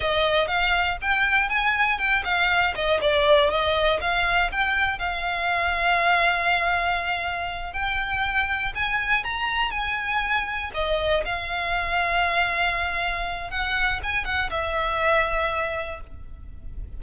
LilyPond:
\new Staff \with { instrumentName = "violin" } { \time 4/4 \tempo 4 = 120 dis''4 f''4 g''4 gis''4 | g''8 f''4 dis''8 d''4 dis''4 | f''4 g''4 f''2~ | f''2.~ f''8 g''8~ |
g''4. gis''4 ais''4 gis''8~ | gis''4. dis''4 f''4.~ | f''2. fis''4 | gis''8 fis''8 e''2. | }